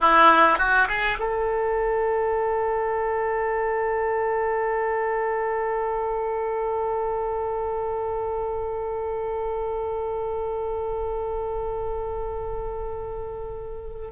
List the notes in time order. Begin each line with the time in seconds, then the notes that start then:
0.00 E4
0.58 F#4
0.88 G#4
1.19 A4